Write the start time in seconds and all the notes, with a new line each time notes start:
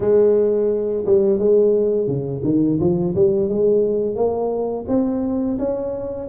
0.00 G#3
1.05 G3
1.39 G#3
2.07 C#3
2.44 D#3
2.80 F3
3.15 G3
3.48 G#3
4.15 A#3
4.88 C4
5.58 C#4